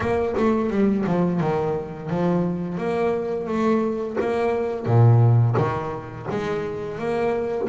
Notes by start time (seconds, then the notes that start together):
0.00 A#3
0.37 A3
0.69 G3
1.06 F3
1.40 D#3
2.09 F3
2.77 A#3
3.47 A3
4.20 A#3
4.86 A#2
5.57 D#3
6.30 G#3
6.98 A#3